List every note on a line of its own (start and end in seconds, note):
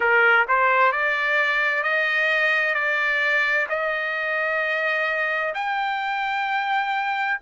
0.00 0.46 A#4
0.48 0.91 C5
0.91 1.83 D5
1.83 2.74 D#5
2.74 3.66 D5
3.69 5.53 D#5
5.54 7.38 G5